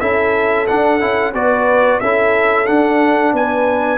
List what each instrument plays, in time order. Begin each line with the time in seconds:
0.00 tuba C#4, trombone E4, horn A4, trumpet E5
0.67 trombone D4, tuba D4, trumpet F#5
1.00 tuba C#4, trombone E4
1.33 tuba B3, trombone F#4, horn B4, trumpet D5
2.00 tuba C#4, trombone E4, horn A4, trumpet E5
2.66 trombone D4, tuba D4, trumpet F#5
3.33 tuba B3, horn B4, trumpet G#5